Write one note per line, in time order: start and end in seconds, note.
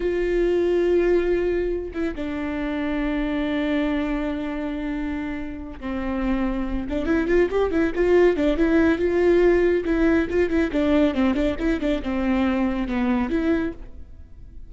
0.00 1.91 F4
1.93 2.14 E4
2.15 5.79 D4
5.80 6.87 C4
6.89 7.06 D4
7.06 7.27 E4
7.27 7.49 F4
7.50 7.71 G4
7.71 7.92 E4
7.95 8.36 F4
8.36 8.57 D4
8.57 8.98 E4
8.98 9.84 F4
9.84 10.27 E4
10.30 10.49 F4
10.49 10.70 E4
10.71 11.14 D4
11.14 11.34 C4
11.34 11.56 D4
11.59 11.80 E4
11.80 12.02 D4
12.02 12.87 C4
12.87 13.29 B3
13.29 13.72 E4